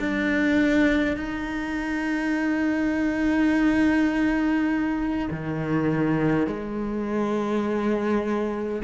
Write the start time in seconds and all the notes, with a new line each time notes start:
0.00 D4
1.17 D#4
5.31 D#3
6.48 G#3